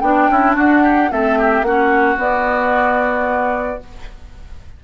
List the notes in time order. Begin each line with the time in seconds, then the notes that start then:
0.00 B3 D4 G5
0.28 C#4 E4
0.55 D4 F#4 F#5
0.82 G4
1.10 A3 C4 A4 E5
1.38 G4
1.62 A#3 C#4 F#4 F#5
2.16 B3 D5